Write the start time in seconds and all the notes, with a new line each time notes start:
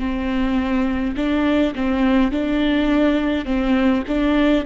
0.00 C4
1.16 D4
1.76 C4
2.32 D4
3.46 C4
4.08 D4